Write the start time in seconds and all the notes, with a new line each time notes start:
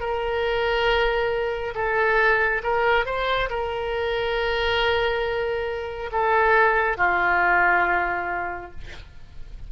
0.00 A#4
1.75 A4
2.63 A#4
3.06 C5
3.49 A#4
6.12 A4
6.97 F4